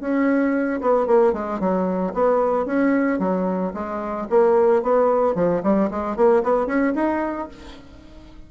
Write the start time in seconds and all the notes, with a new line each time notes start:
0.00 C#4
0.80 B3
1.06 A#3
1.33 G#3
1.59 F#3
2.14 B3
2.65 C#4
3.19 F#3
3.74 G#3
4.29 A#3
4.82 B3
5.34 F3
5.63 G3
5.90 G#3
6.16 A#3
6.43 B3
6.66 C#4
6.95 D#4